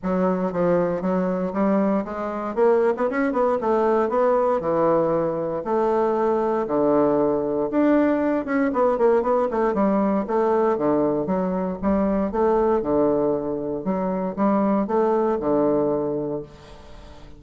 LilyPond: \new Staff \with { instrumentName = "bassoon" } { \time 4/4 \tempo 4 = 117 fis4 f4 fis4 g4 | gis4 ais8. b16 cis'8 b8 a4 | b4 e2 a4~ | a4 d2 d'4~ |
d'8 cis'8 b8 ais8 b8 a8 g4 | a4 d4 fis4 g4 | a4 d2 fis4 | g4 a4 d2 | }